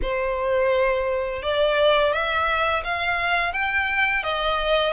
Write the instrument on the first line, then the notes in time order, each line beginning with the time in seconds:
violin
0.02 C5
1.42 D5
2.12 E5
2.84 F5
3.52 G5
4.23 D#5